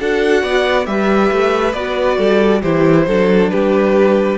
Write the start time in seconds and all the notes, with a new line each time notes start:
0.00 D4 F#4 A4 F#5
0.43 B3 D5
0.85 G3 G4 B4 E5
1.32 A3
1.74 B3 F#4 D5
2.18 G3 A4
2.62 E3 E4 G4 C5
3.07 F#3 D4 A4
3.50 G3 G4 B4